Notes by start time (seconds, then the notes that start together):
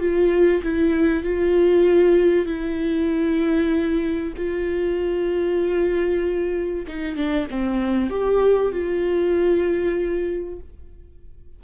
0.00 F4
0.63 E4
1.24 F4
2.46 E4
4.37 F4
6.88 D#4
7.16 D4
7.51 C4
8.10 G4
8.72 F4